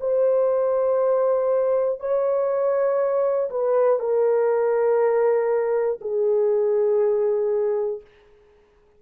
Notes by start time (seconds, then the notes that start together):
0.00 C5
1.99 C#5
3.50 B4
3.99 A#4
6.01 G#4